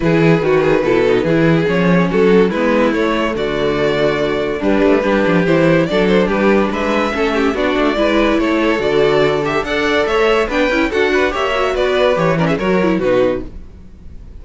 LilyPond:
<<
  \new Staff \with { instrumentName = "violin" } { \time 4/4 \tempo 4 = 143 b'1 | cis''4 a'4 b'4 cis''4 | d''2. b'4~ | b'4 c''4 d''8 c''8 b'4 |
e''2 d''2 | cis''4 d''4. e''8 fis''4 | e''4 g''4 fis''4 e''4 | d''4 cis''8 d''16 e''16 cis''4 b'4 | }
  \new Staff \with { instrumentName = "violin" } { \time 4/4 gis'4 fis'8 gis'8 a'4 gis'4~ | gis'4 fis'4 e'2 | fis'2. d'4 | g'2 a'4 g'4 |
b'4 a'8 g'8 fis'4 b'4 | a'2. d''4 | cis''4 b'4 a'8 b'8 cis''4 | b'4. ais'16 gis'16 ais'4 fis'4 | }
  \new Staff \with { instrumentName = "viola" } { \time 4/4 e'4 fis'4 e'8 dis'8 e'4 | cis'2 b4 a4~ | a2. g4 | d'4 e'4 d'2~ |
d'4 cis'4 d'4 e'4~ | e'4 fis'4. g'8 a'4~ | a'4 d'8 e'8 fis'4 g'8 fis'8~ | fis'4 g'8 cis'8 fis'8 e'8 dis'4 | }
  \new Staff \with { instrumentName = "cello" } { \time 4/4 e4 dis4 b,4 e4 | f4 fis4 gis4 a4 | d2. g8 a8 | g8 f8 e4 fis4 g4 |
gis4 a4 b8 a8 gis4 | a4 d2 d'4 | a4 b8 cis'8 d'4 ais4 | b4 e4 fis4 b,4 | }
>>